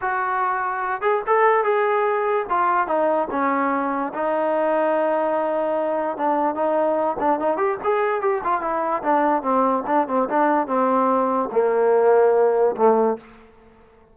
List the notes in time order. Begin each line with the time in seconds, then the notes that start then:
0.01 F#4
1.01 G#4
1.26 A4
1.63 G#4
2.49 F4
2.87 D#4
3.30 C#4
4.13 D#4
6.17 D4
6.54 D#4
7.19 D4
7.39 D#4
7.57 G4
7.83 G#4
8.21 G4
8.44 F4
8.61 E4
9.02 D4
9.42 C4
9.86 D4
10.07 C4
10.29 D4
10.67 C4
11.52 A#3
12.76 A3